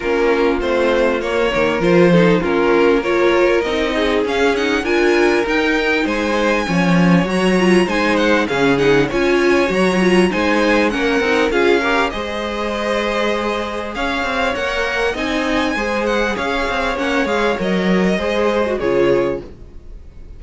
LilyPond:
<<
  \new Staff \with { instrumentName = "violin" } { \time 4/4 \tempo 4 = 99 ais'4 c''4 cis''4 c''4 | ais'4 cis''4 dis''4 f''8 fis''8 | gis''4 g''4 gis''2 | ais''4 gis''8 fis''8 f''8 fis''8 gis''4 |
ais''4 gis''4 fis''4 f''4 | dis''2. f''4 | fis''4 gis''4. fis''8 f''4 | fis''8 f''8 dis''2 cis''4 | }
  \new Staff \with { instrumentName = "violin" } { \time 4/4 f'2~ f'8 ais'4 a'8 | f'4 ais'4. gis'4. | ais'2 c''4 cis''4~ | cis''4 c''4 gis'4 cis''4~ |
cis''4 c''4 ais'4 gis'8 ais'8 | c''2. cis''4~ | cis''4 dis''4 c''4 cis''4~ | cis''2 c''4 gis'4 | }
  \new Staff \with { instrumentName = "viola" } { \time 4/4 cis'4 c'4 ais4 f'8 dis'8 | cis'4 f'4 dis'4 cis'8 dis'8 | f'4 dis'2 cis'4 | fis'8 f'8 dis'4 cis'8 dis'8 f'4 |
fis'8 f'8 dis'4 cis'8 dis'8 f'8 g'8 | gis'1 | ais'4 dis'4 gis'2 | cis'8 gis'8 ais'4 gis'8. fis'16 f'4 | }
  \new Staff \with { instrumentName = "cello" } { \time 4/4 ais4 a4 ais8 dis8 f4 | ais2 c'4 cis'4 | d'4 dis'4 gis4 f4 | fis4 gis4 cis4 cis'4 |
fis4 gis4 ais8 c'8 cis'4 | gis2. cis'8 c'8 | ais4 c'4 gis4 cis'8 c'8 | ais8 gis8 fis4 gis4 cis4 | }
>>